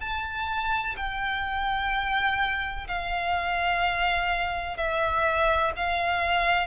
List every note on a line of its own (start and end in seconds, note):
0.00 0.95 A5
0.97 2.87 G5
2.88 4.77 F5
4.77 5.72 E5
5.76 6.67 F5